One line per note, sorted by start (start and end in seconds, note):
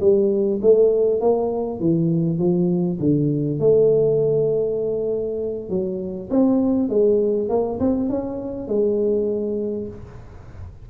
0.00 0.60 G3
0.62 1.21 A3
1.21 1.80 A#3
1.80 2.39 E3
2.39 2.99 F3
3.00 3.59 D3
3.59 5.69 A3
5.69 6.29 F#3
6.30 6.89 C4
6.89 7.49 G#3
7.49 7.79 A#3
7.80 8.09 C4
8.09 8.68 C#4
8.68 9.88 G#3